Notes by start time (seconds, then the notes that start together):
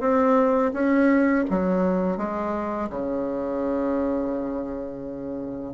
0.00 C4
0.73 C#4
1.50 F#3
2.17 G#3
2.90 C#3